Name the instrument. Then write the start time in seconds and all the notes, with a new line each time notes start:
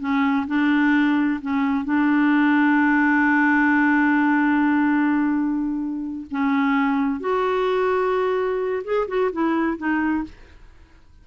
clarinet
0.00 C#4
0.47 D4
1.41 C#4
1.85 D4
6.31 C#4
7.20 F#4
8.84 G#4
9.08 F#4
9.32 E4
9.77 D#4